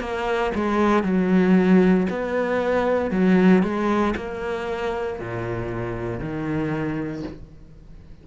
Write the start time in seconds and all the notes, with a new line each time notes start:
0.00 A#3
0.55 G#3
1.03 F#3
2.10 B3
3.11 F#3
3.63 G#3
4.16 A#3
5.20 A#2
6.20 D#3